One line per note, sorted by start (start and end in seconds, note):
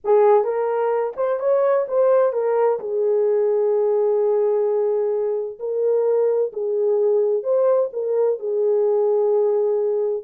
0.04 0.44 G#4
0.44 1.13 A#4
1.16 1.39 C5
1.39 1.86 C#5
1.88 2.32 C5
2.32 2.79 A#4
2.79 5.58 G#4
5.59 6.52 A#4
6.52 7.43 G#4
7.43 7.89 C5
7.92 8.39 A#4
8.39 10.23 G#4